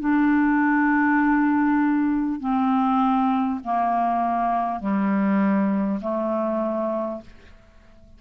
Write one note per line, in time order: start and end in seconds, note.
0.00 2.40 D4
2.41 3.61 C4
3.64 4.80 A#3
4.80 6.00 G3
6.01 7.21 A3